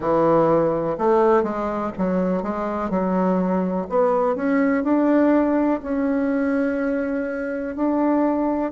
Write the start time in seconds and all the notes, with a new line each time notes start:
0.00 E3
0.98 A3
1.43 G#3
1.98 F#3
2.42 G#3
2.89 F#3
3.89 B3
4.35 C#4
4.83 D4
5.82 C#4
7.75 D4